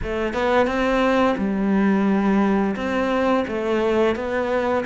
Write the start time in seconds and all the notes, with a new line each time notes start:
0.03 A3
0.33 B3
0.66 C4
1.37 G3
2.76 C4
3.47 A3
4.15 B3